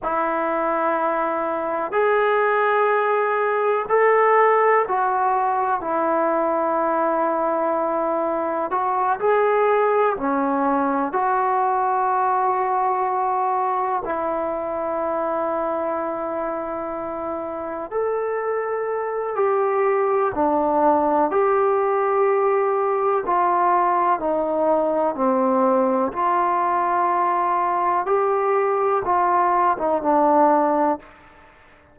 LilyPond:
\new Staff \with { instrumentName = "trombone" } { \time 4/4 \tempo 4 = 62 e'2 gis'2 | a'4 fis'4 e'2~ | e'4 fis'8 gis'4 cis'4 fis'8~ | fis'2~ fis'8 e'4.~ |
e'2~ e'8 a'4. | g'4 d'4 g'2 | f'4 dis'4 c'4 f'4~ | f'4 g'4 f'8. dis'16 d'4 | }